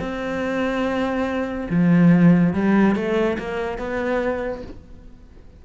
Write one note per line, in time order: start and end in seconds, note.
0.00 1.68 C4
1.70 2.54 F3
2.54 2.96 G3
2.96 3.38 A3
3.39 3.79 A#3
3.79 4.63 B3